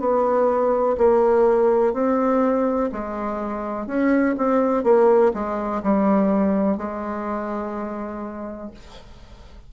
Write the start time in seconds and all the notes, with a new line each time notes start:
0.00 B3
0.98 A#3
1.94 C4
2.92 G#3
3.87 C#4
4.38 C4
4.84 A#3
5.34 G#3
5.83 G3
6.77 G#3